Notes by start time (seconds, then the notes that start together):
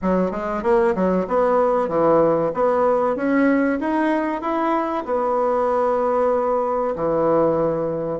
0.01 F#3
0.31 G#3
0.63 A#3
0.95 F#3
1.27 B3
1.88 E3
2.53 B3
3.16 C#4
3.80 D#4
4.41 E4
5.05 B3
6.95 E3